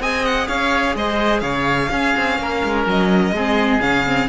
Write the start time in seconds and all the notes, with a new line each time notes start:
0.00 C4 G#4 D#5 G#5
0.25 F#5
0.48 C#4 C#5 F5
0.95 G#3 C5 D#5
1.40 C#3 C#5 F5
1.91 C#4 G#4
2.17 C4
2.38 A#3 A#4
2.64 G#3
2.87 F#3 D#5
3.32 G#3 C4 G#4
3.81 C#3 C#4 F5
4.06 C4